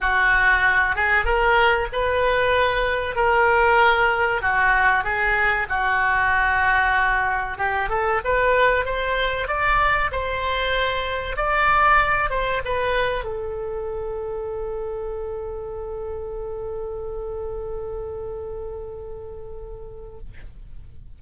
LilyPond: \new Staff \with { instrumentName = "oboe" } { \time 4/4 \tempo 4 = 95 fis'4. gis'8 ais'4 b'4~ | b'4 ais'2 fis'4 | gis'4 fis'2. | g'8 a'8 b'4 c''4 d''4 |
c''2 d''4. c''8 | b'4 a'2.~ | a'1~ | a'1 | }